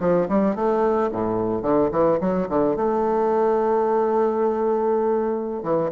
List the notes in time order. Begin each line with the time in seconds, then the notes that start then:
0.00 F3
0.28 G3
0.55 A3
1.12 A2
1.62 D3
1.91 E3
2.20 F#3
2.49 D3
2.76 A3
5.62 E3